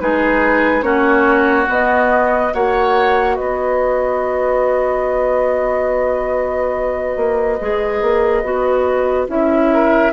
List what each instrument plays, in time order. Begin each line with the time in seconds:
0.00 bassoon G#3, clarinet D#4, oboe G#4, flute B4
0.82 bassoon A#3, clarinet C#4, oboe F#4, flute C#5
1.66 clarinet B3, bassoon B3, flute D#5
2.51 bassoon A#3, clarinet F#4, oboe C#5, flute F#5
3.35 bassoon B3, oboe B4, flute D#5
7.16 bassoon A#3
7.61 bassoon G#3, clarinet G#4
8.02 bassoon A#3
8.43 bassoon B3, clarinet F#4
9.28 bassoon C#4, clarinet E4, flute E5
9.73 oboe A#4